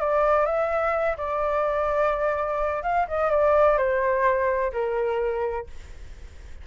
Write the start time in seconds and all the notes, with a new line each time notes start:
0.00 D5
0.46 E5
1.17 D5
2.83 F5
3.08 D#5
3.31 D5
3.78 C5
4.73 A#4